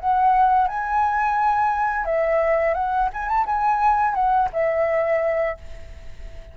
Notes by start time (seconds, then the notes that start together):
0.00 F#5
0.68 G#5
2.05 E5
2.74 F#5
3.13 G#5
3.28 A5
3.46 G#5
4.14 F#5
4.53 E5